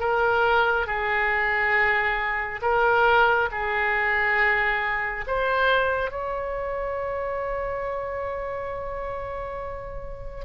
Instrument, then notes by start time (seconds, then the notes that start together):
oboe
0.00 A#4
0.87 G#4
2.62 A#4
3.51 G#4
5.27 C5
6.11 C#5